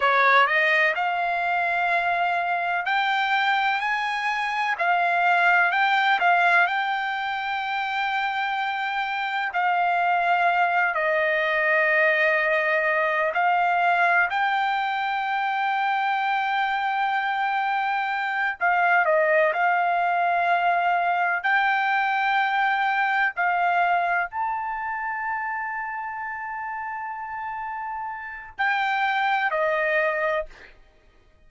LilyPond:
\new Staff \with { instrumentName = "trumpet" } { \time 4/4 \tempo 4 = 63 cis''8 dis''8 f''2 g''4 | gis''4 f''4 g''8 f''8 g''4~ | g''2 f''4. dis''8~ | dis''2 f''4 g''4~ |
g''2.~ g''8 f''8 | dis''8 f''2 g''4.~ | g''8 f''4 a''2~ a''8~ | a''2 g''4 dis''4 | }